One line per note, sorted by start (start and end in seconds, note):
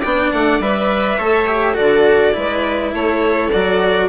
0.00 0.32 B3
0.00 0.62 D4
0.00 1.17 D5
0.00 0.30 G5
0.32 0.60 A3
0.32 0.61 F#5
0.60 1.18 G3
0.60 1.18 B4
0.60 1.76 E5
1.17 1.77 A3
1.17 1.46 A4
1.17 1.73 C#5
1.46 1.74 G4
1.73 2.36 D3
1.73 2.32 F#4
1.73 2.31 A4
1.73 2.92 D5
2.32 2.94 G#3
2.32 3.48 E4
2.32 2.94 B4
2.94 3.52 A3
2.94 4.08 A4
2.94 3.50 C#5
3.50 4.08 F#3
3.50 4.08 F#4
3.50 4.08 D5